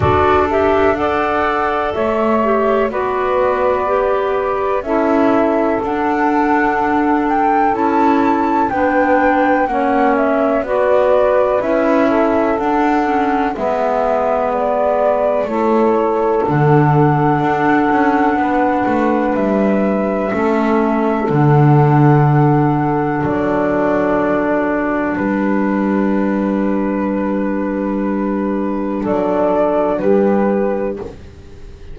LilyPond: <<
  \new Staff \with { instrumentName = "flute" } { \time 4/4 \tempo 4 = 62 d''8 e''8 fis''4 e''4 d''4~ | d''4 e''4 fis''4. g''8 | a''4 g''4 fis''8 e''8 d''4 | e''4 fis''4 e''4 d''4 |
cis''4 fis''2. | e''2 fis''2 | d''2 b'2~ | b'2 d''4 b'4 | }
  \new Staff \with { instrumentName = "saxophone" } { \time 4/4 a'4 d''4 cis''4 b'4~ | b'4 a'2.~ | a'4 b'4 cis''4 b'4~ | b'8 a'4. b'2 |
a'2. b'4~ | b'4 a'2.~ | a'2 g'2~ | g'2 a'4 g'4 | }
  \new Staff \with { instrumentName = "clarinet" } { \time 4/4 fis'8 g'8 a'4. g'8 fis'4 | g'4 e'4 d'2 | e'4 d'4 cis'4 fis'4 | e'4 d'8 cis'8 b2 |
e'4 d'2.~ | d'4 cis'4 d'2~ | d'1~ | d'1 | }
  \new Staff \with { instrumentName = "double bass" } { \time 4/4 d'2 a4 b4~ | b4 cis'4 d'2 | cis'4 b4 ais4 b4 | cis'4 d'4 gis2 |
a4 d4 d'8 cis'8 b8 a8 | g4 a4 d2 | fis2 g2~ | g2 fis4 g4 | }
>>